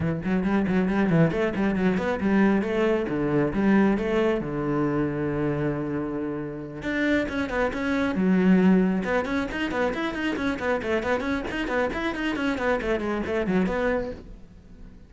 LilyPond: \new Staff \with { instrumentName = "cello" } { \time 4/4 \tempo 4 = 136 e8 fis8 g8 fis8 g8 e8 a8 g8 | fis8 b8 g4 a4 d4 | g4 a4 d2~ | d2.~ d8 d'8~ |
d'8 cis'8 b8 cis'4 fis4.~ | fis8 b8 cis'8 dis'8 b8 e'8 dis'8 cis'8 | b8 a8 b8 cis'8 dis'8 b8 e'8 dis'8 | cis'8 b8 a8 gis8 a8 fis8 b4 | }